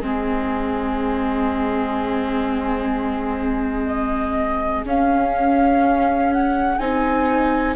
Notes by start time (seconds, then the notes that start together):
0.00 G#3 C4 G#4
3.87 D#5
4.84 C#4 F5
6.33 F#5
6.78 C4 D#4 G#5